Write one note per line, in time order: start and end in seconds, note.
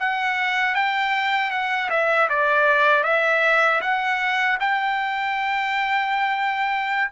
0.00 0.75 F#5
0.75 1.51 G5
1.51 1.90 F#5
1.90 2.29 E5
2.29 3.04 D5
3.04 3.81 E5
3.81 4.58 F#5
4.60 7.10 G5